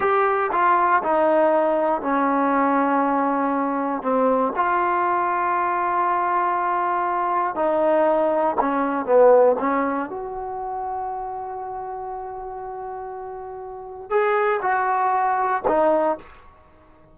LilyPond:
\new Staff \with { instrumentName = "trombone" } { \time 4/4 \tempo 4 = 119 g'4 f'4 dis'2 | cis'1 | c'4 f'2.~ | f'2. dis'4~ |
dis'4 cis'4 b4 cis'4 | fis'1~ | fis'1 | gis'4 fis'2 dis'4 | }